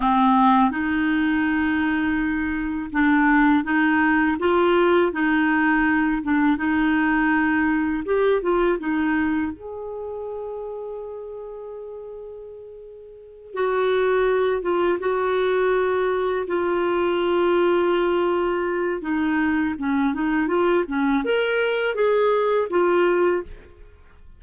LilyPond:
\new Staff \with { instrumentName = "clarinet" } { \time 4/4 \tempo 4 = 82 c'4 dis'2. | d'4 dis'4 f'4 dis'4~ | dis'8 d'8 dis'2 g'8 f'8 | dis'4 gis'2.~ |
gis'2~ gis'8 fis'4. | f'8 fis'2 f'4.~ | f'2 dis'4 cis'8 dis'8 | f'8 cis'8 ais'4 gis'4 f'4 | }